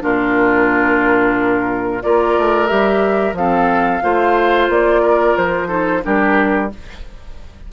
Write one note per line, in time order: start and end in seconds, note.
0.00 2.03 A#2
0.00 2.00 D4
0.00 2.03 F4
0.00 2.02 A#4
2.02 2.37 A#3
2.02 2.67 F4
2.02 3.38 A#4
2.02 2.67 D5
2.38 2.71 A3
2.67 3.33 G3
2.67 3.34 G4
2.67 3.33 E5
3.33 3.99 F3
3.33 4.02 C4
3.33 4.03 A4
3.33 4.70 F5
4.02 4.69 A3
4.02 5.67 F4
4.02 5.02 C5
4.69 5.35 A#3
4.69 5.37 D5
5.02 5.68 A#4
5.37 6.03 F3
5.37 6.03 C5
5.67 6.00 D#4
5.67 6.01 A4
6.03 6.72 G3
6.03 6.69 D4
6.03 6.72 G4
6.03 6.71 A#4